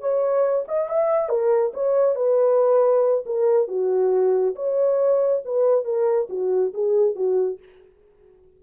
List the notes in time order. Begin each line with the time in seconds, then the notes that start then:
0.00 C#5
0.68 D#5
0.89 E5
1.29 A#4
1.74 C#5
2.15 B4
3.26 A#4
3.68 F#4
4.56 C#5
5.45 B4
5.85 A#4
6.29 F#4
6.74 G#4
7.15 F#4